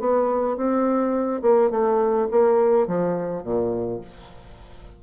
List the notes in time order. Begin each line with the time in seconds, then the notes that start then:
0.00 B3
0.57 C4
1.42 A#3
1.71 A3
2.31 A#3
2.88 F3
3.44 A#2